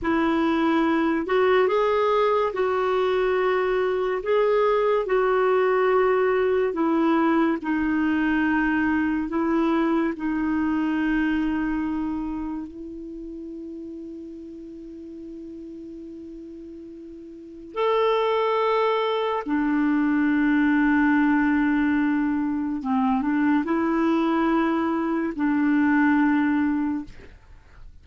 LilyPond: \new Staff \with { instrumentName = "clarinet" } { \time 4/4 \tempo 4 = 71 e'4. fis'8 gis'4 fis'4~ | fis'4 gis'4 fis'2 | e'4 dis'2 e'4 | dis'2. e'4~ |
e'1~ | e'4 a'2 d'4~ | d'2. c'8 d'8 | e'2 d'2 | }